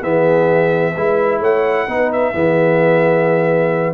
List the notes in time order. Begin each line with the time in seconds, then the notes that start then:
0.00 E3 B3 G#4 E5
0.95 G#3 E4 B4
1.40 A3 C#5 F#5
1.87 B3 D#4 B4
2.12 E5
2.33 E3 B3 G#4